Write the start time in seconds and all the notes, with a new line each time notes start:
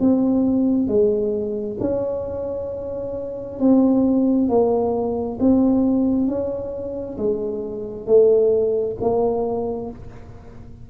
0.00 C4
0.88 G#3
1.80 C#4
3.59 C4
4.49 A#3
5.40 C4
6.28 C#4
7.18 G#3
8.07 A3
9.01 A#3